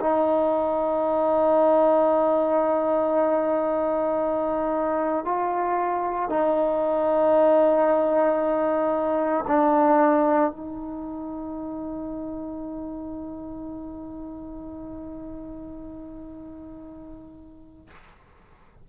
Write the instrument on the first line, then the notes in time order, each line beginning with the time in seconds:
trombone
0.00 D#4
5.24 F4
6.29 D#4
9.47 D4
10.51 D#4